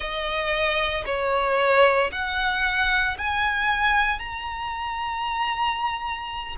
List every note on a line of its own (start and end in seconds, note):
0.00 1.04 D#5
1.05 2.11 C#5
2.11 3.17 F#5
3.18 4.19 G#5
4.19 6.56 A#5